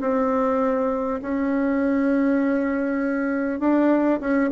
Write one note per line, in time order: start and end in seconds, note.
0.00 1.20 C4
1.22 3.59 C#4
3.59 4.19 D4
4.20 4.50 C#4